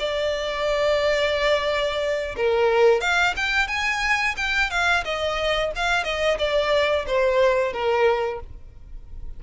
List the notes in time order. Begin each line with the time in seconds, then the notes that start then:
0.00 D5
2.37 A#4
3.01 F5
3.37 G5
3.68 G#5
4.37 G5
4.71 F5
5.05 D#5
5.76 F5
6.04 D#5
6.39 D5
7.07 C5
7.73 A#4